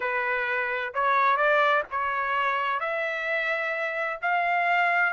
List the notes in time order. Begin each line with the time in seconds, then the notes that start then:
0.00 B4
0.94 C#5
1.36 D5
1.90 C#5
2.80 E5
4.21 F5